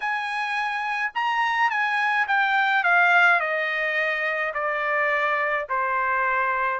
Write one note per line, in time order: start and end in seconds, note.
0.00 1.12 G#5
1.14 1.70 A#5
1.70 2.26 G#5
2.27 2.83 G5
2.83 3.40 F5
3.40 4.53 D#5
4.54 5.67 D5
5.69 6.80 C5